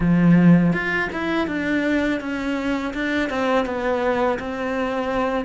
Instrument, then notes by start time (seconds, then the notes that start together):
cello
0.00 F3
0.72 F4
1.12 E4
1.47 D4
2.20 C#4
2.94 D4
3.29 C4
3.66 B3
4.39 C4